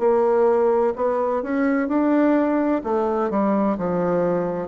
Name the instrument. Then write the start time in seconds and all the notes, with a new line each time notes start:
bassoon
0.00 A#3
0.96 B3
1.43 C#4
1.88 D4
2.84 A3
3.30 G3
3.78 F3